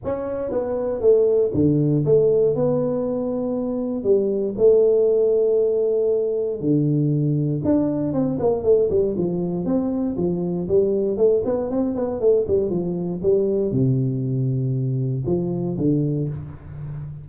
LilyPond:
\new Staff \with { instrumentName = "tuba" } { \time 4/4 \tempo 4 = 118 cis'4 b4 a4 d4 | a4 b2. | g4 a2.~ | a4 d2 d'4 |
c'8 ais8 a8 g8 f4 c'4 | f4 g4 a8 b8 c'8 b8 | a8 g8 f4 g4 c4~ | c2 f4 d4 | }